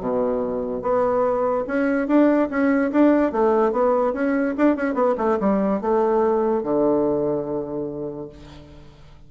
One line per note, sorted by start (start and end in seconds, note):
0.00 0.82 B2
0.82 1.65 B3
1.67 2.08 C#4
2.08 2.49 D4
2.50 2.92 C#4
2.92 3.32 D4
3.32 3.72 A3
3.72 4.13 B3
4.13 4.55 C#4
4.58 4.77 D4
4.77 4.94 C#4
4.94 5.15 B3
5.18 5.39 A3
5.40 5.81 G3
5.81 6.63 A3
6.63 8.29 D3